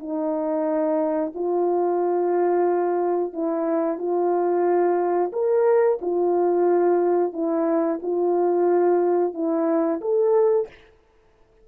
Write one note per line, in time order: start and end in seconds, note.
0.00 1.33 D#4
1.35 3.34 F4
3.34 3.99 E4
3.99 5.32 F4
5.33 6.00 A#4
6.02 7.34 F4
7.34 8.00 E4
8.03 9.34 F4
9.34 10.01 E4
10.02 10.68 A4